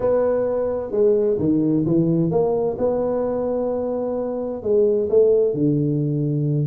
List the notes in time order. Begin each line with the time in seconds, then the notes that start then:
0.00 B3
0.91 G#3
1.38 D#3
1.85 E3
2.30 A#3
2.78 B3
4.62 G#3
5.09 A3
5.53 D3